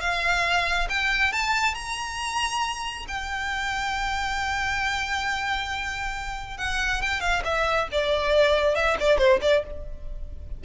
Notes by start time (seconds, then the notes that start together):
0.00 F5
0.89 G5
1.32 A5
1.74 A#5
3.08 G5
6.57 F#5
7.01 G5
7.20 F5
7.44 E5
7.91 D5
8.75 E5
8.99 D5
9.18 C5
9.41 D5